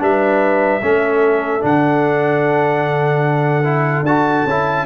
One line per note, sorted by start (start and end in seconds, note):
0.00 0.82 G3
0.00 0.81 D4
0.00 0.83 B4
0.00 1.65 E5
0.82 1.63 A3
0.82 1.61 C#4
0.82 4.86 A4
1.61 4.03 D3
1.61 3.64 D4
1.61 4.06 F#5
3.64 4.05 E4
4.03 4.43 D4
4.03 4.48 F#4
4.03 4.86 A5
4.45 4.86 C#4
4.45 4.86 E4